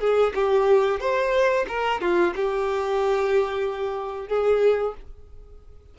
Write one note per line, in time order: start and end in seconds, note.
0.00 0.33 G#4
0.35 1.00 G4
1.00 1.66 C5
1.68 2.01 A#4
2.01 2.34 F4
2.35 4.28 G4
4.28 4.94 G#4